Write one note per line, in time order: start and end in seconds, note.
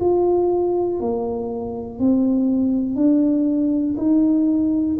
0.00 1.00 F4
1.00 1.99 A#3
1.99 2.96 C4
2.96 3.96 D4
3.97 4.97 D#4